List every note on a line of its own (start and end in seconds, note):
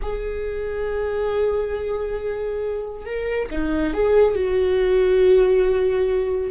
0.02 3.05 G#4
3.05 3.49 A#4
3.50 3.93 D#4
3.93 4.34 G#4
4.34 6.51 F#4